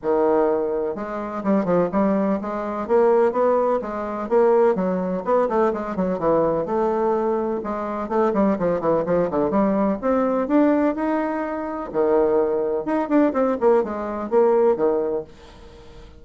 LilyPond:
\new Staff \with { instrumentName = "bassoon" } { \time 4/4 \tempo 4 = 126 dis2 gis4 g8 f8 | g4 gis4 ais4 b4 | gis4 ais4 fis4 b8 a8 | gis8 fis8 e4 a2 |
gis4 a8 g8 f8 e8 f8 d8 | g4 c'4 d'4 dis'4~ | dis'4 dis2 dis'8 d'8 | c'8 ais8 gis4 ais4 dis4 | }